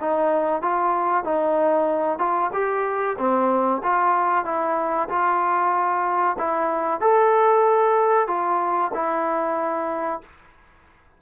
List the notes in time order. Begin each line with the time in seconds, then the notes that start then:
0.00 D#4
0.61 F4
1.24 D#4
2.18 F4
2.52 G4
3.18 C4
3.82 F4
4.44 E4
5.09 F4
6.38 E4
7.00 A4
8.27 F4
8.94 E4